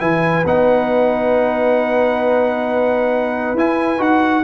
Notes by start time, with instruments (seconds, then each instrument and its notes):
0.00 tuba E3, trombone E4, horn B4, trumpet G#5
0.46 tuba B3, trombone D#4, trumpet F#5
3.55 tuba E4, trombone E4, trumpet G#5
3.99 tuba D#4, trombone F#4, trumpet F#5